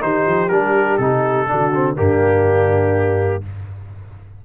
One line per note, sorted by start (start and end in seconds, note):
0.00 0.26 D#3
0.00 0.49 D#4
0.00 1.49 G4
0.00 0.49 C5
0.26 0.50 F3
0.49 0.98 G3
0.49 1.00 D4
0.49 0.97 A#4
0.97 1.47 C3
0.97 1.47 D#4
0.97 1.95 A4
1.47 1.99 D3
1.47 1.71 D4
1.47 1.95 F#4
1.74 1.96 C4
1.95 3.45 G2
1.95 3.42 A#3
1.95 3.41 D4
1.95 3.43 G4